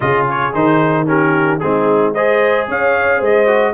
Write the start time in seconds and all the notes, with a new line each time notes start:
0.00 C#3 F4 G#4 D#5
0.29 C#5
0.53 D#3 D#4 C5
1.06 C#4 G4 A#4
1.59 G#3 C4 D#4 G#4
2.13 G#4 C5 D#5
2.68 C#4 C#5 F5
3.18 G#3 C5
3.24 D#5
3.46 F#4